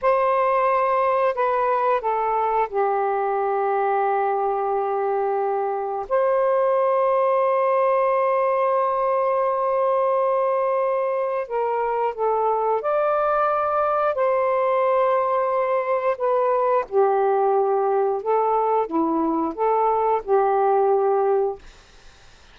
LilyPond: \new Staff \with { instrumentName = "saxophone" } { \time 4/4 \tempo 4 = 89 c''2 b'4 a'4 | g'1~ | g'4 c''2.~ | c''1~ |
c''4 ais'4 a'4 d''4~ | d''4 c''2. | b'4 g'2 a'4 | e'4 a'4 g'2 | }